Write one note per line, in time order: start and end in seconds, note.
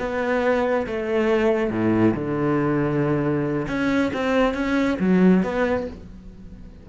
0.00 0.87 B3
0.87 1.71 A3
1.71 2.14 A2
2.15 3.67 D3
3.69 4.12 C#4
4.14 4.55 C4
4.55 4.98 C#4
5.00 5.44 F#3
5.44 5.87 B3